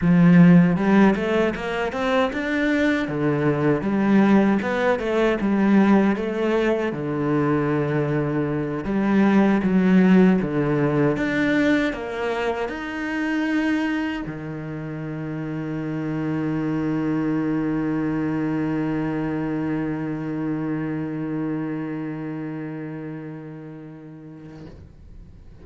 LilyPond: \new Staff \with { instrumentName = "cello" } { \time 4/4 \tempo 4 = 78 f4 g8 a8 ais8 c'8 d'4 | d4 g4 b8 a8 g4 | a4 d2~ d8 g8~ | g8 fis4 d4 d'4 ais8~ |
ais8 dis'2 dis4.~ | dis1~ | dis1~ | dis1 | }